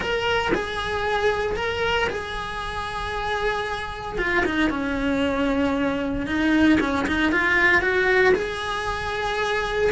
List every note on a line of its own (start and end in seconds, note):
0.00 0.51 A#4
0.54 1.56 G#4
1.56 2.08 A#4
2.09 4.18 G#4
4.18 4.44 F4
4.45 4.70 D#4
4.70 6.26 C#4
6.26 6.78 D#4
6.80 7.06 C#4
7.06 7.31 D#4
7.31 7.81 F4
7.81 8.33 F#4
8.34 9.91 G#4